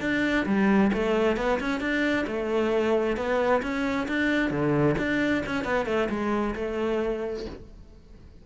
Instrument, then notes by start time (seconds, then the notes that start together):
cello
0.00 D4
0.46 G3
0.92 A3
1.37 B3
1.59 C#4
1.80 D4
2.27 A3
3.16 B3
3.62 C#4
4.07 D4
4.50 D3
4.97 D4
5.46 C#4
5.64 B3
5.85 A3
6.09 G#3
6.55 A3